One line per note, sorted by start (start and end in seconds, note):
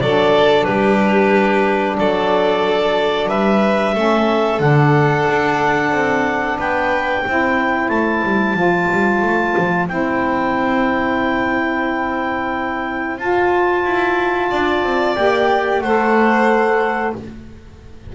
0.00 0.66 F#3
0.00 3.95 D4
0.00 0.66 A4
0.00 0.64 D5
0.64 1.99 G3
0.64 1.97 G4
0.64 1.96 B4
1.98 3.29 F#3
1.98 3.28 A4
1.98 3.28 D5
3.28 3.95 G3
3.28 3.94 B4
3.28 4.60 E5
3.94 4.59 A3
3.94 4.60 C#4
3.94 6.58 A4
4.59 5.25 D3
4.59 7.23 D4
4.59 6.58 F#5
5.29 5.91 D4
5.91 6.57 C4
6.58 7.24 B3
6.58 7.21 B4
6.58 7.88 G5
7.21 7.89 C4
7.21 8.55 E4
7.21 14.47 C5
7.88 8.22 A3
7.88 9.86 A5
8.23 8.54 G3
8.54 8.87 F3
8.54 9.87 F4
8.92 9.22 G3
9.22 9.55 A3
9.57 9.89 F3
9.88 13.17 C4
9.88 13.18 E4
9.88 13.17 G5
13.17 13.83 F4
13.17 15.16 F4
13.17 15.15 A5
13.84 14.50 E4
14.50 14.83 D4
14.50 15.82 D5
14.83 15.16 C4
15.15 15.80 A#3
15.15 15.82 G4
15.15 15.81 G5
15.80 17.12 A3
15.80 17.15 A4
15.80 17.14 C5
15.80 17.13 F#5